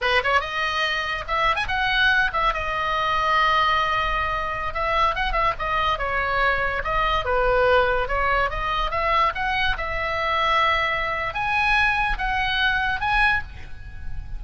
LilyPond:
\new Staff \with { instrumentName = "oboe" } { \time 4/4 \tempo 4 = 143 b'8 cis''8 dis''2 e''8. gis''16 | fis''4. e''8 dis''2~ | dis''2.~ dis''16 e''8.~ | e''16 fis''8 e''8 dis''4 cis''4.~ cis''16~ |
cis''16 dis''4 b'2 cis''8.~ | cis''16 dis''4 e''4 fis''4 e''8.~ | e''2. gis''4~ | gis''4 fis''2 gis''4 | }